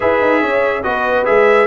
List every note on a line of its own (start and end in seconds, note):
0.00 0.21 E4
0.00 0.83 G#4
0.00 0.41 B4
0.00 0.83 E5
0.21 0.42 D#4
0.41 0.84 C#4
0.41 0.83 C#5
0.83 1.26 B3
0.83 1.25 F#4
0.83 1.67 B4
0.83 1.25 D#5
1.25 1.67 G#3
1.25 1.67 G#4
1.25 1.67 E5